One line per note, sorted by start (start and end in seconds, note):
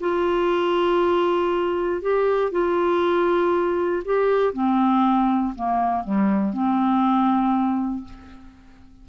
0.00 2.01 F4
2.01 2.52 G4
2.52 4.03 F4
4.05 4.53 G4
4.53 5.54 C4
5.55 6.04 A#3
6.04 6.53 G3
6.53 8.04 C4